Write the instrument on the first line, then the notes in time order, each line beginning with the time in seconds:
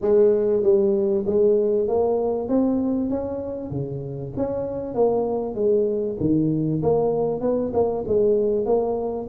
tuba
0.01 G#3
0.62 G3
1.26 G#3
1.87 A#3
2.48 C4
3.10 C#4
3.70 C#3
4.36 C#4
4.94 A#3
5.54 G#3
6.20 D#3
6.82 A#3
7.41 B3
7.73 A#3
8.07 G#3
8.65 A#3